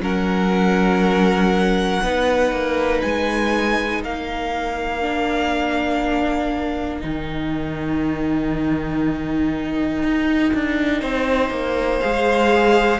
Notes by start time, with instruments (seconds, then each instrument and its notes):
0.00 cello F#3, viola C#4, violin A#4 F#5
2.02 cello B3, viola D#4, violin B4
2.51 cello A#3
3.01 cello G#3, violin G#5
4.03 cello A#3, violin A#4 F5
5.00 viola D4
7.00 cello D#3, viola D#4, violin G5
10.03 cello D#4
10.53 cello D4
11.01 cello C4, violin C5
11.50 cello A#3
12.00 cello G#3, viola G#4, violin F5